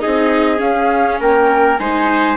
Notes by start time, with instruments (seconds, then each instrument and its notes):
0.00 bassoon C4, viola D#4, trumpet G#4, flute D#5
0.57 viola C#4, bassoon C#4, flute F5
1.20 bassoon A#3, trumpet A#4, flute G5
1.78 bassoon G#3, viola D#4, trumpet C5, flute G#5